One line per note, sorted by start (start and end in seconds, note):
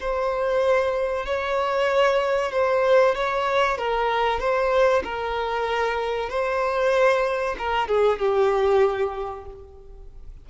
0.00 1.26 C5
1.26 2.51 C#5
2.51 3.15 C5
3.15 3.78 C#5
3.78 4.39 A#4
4.39 5.02 C5
5.04 6.29 A#4
6.29 7.56 C5
7.58 7.88 A#4
7.88 8.19 G#4
8.19 9.45 G4